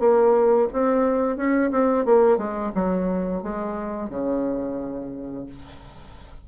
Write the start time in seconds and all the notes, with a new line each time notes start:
0.00 A#3
0.73 C4
1.37 C#4
1.71 C4
2.05 A#3
2.38 G#3
2.75 F#3
3.43 G#3
4.10 C#3